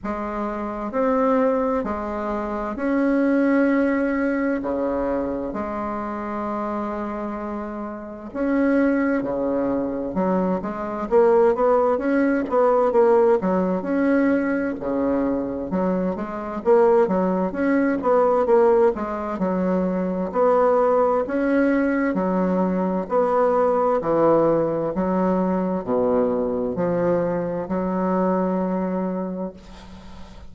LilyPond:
\new Staff \with { instrumentName = "bassoon" } { \time 4/4 \tempo 4 = 65 gis4 c'4 gis4 cis'4~ | cis'4 cis4 gis2~ | gis4 cis'4 cis4 fis8 gis8 | ais8 b8 cis'8 b8 ais8 fis8 cis'4 |
cis4 fis8 gis8 ais8 fis8 cis'8 b8 | ais8 gis8 fis4 b4 cis'4 | fis4 b4 e4 fis4 | b,4 f4 fis2 | }